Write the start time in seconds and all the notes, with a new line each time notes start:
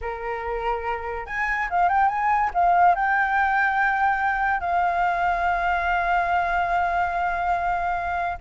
0.01 A#4
1.26 G#5
1.70 F5
1.88 G5
2.08 G#5
2.54 F5
2.95 G5
4.60 F5